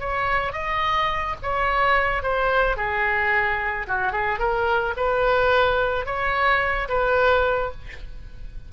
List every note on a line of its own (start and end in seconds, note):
0.00 0.53 C#5
0.53 1.35 D#5
1.43 2.23 C#5
2.23 2.77 C5
2.77 3.87 G#4
3.88 4.13 F#4
4.13 4.39 G#4
4.39 4.94 A#4
4.97 6.06 B4
6.06 6.89 C#5
6.89 7.71 B4